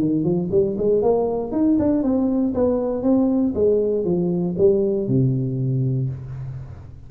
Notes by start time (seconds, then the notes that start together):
0.00 D#3
0.23 F3
0.51 G3
0.77 G#3
1.02 A#3
1.51 D#4
1.79 D4
2.03 C4
2.54 B3
3.03 C4
3.54 G#3
4.04 F3
4.58 G3
5.08 C3